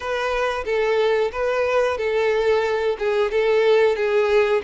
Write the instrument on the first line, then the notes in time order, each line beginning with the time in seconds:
violin
0.00 B4
0.65 A4
1.32 B4
1.98 A4
2.98 G#4
3.31 A4
3.96 G#4